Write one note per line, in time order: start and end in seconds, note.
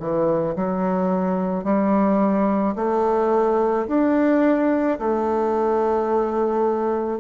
0.00 0.56 E3
0.56 1.65 F#3
1.65 2.76 G3
2.76 3.87 A3
3.88 4.99 D4
4.99 7.21 A3